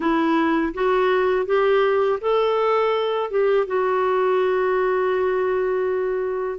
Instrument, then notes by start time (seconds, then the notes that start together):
clarinet
0.00 E4
0.74 F#4
1.46 G4
2.21 A4
3.30 G4
3.66 F#4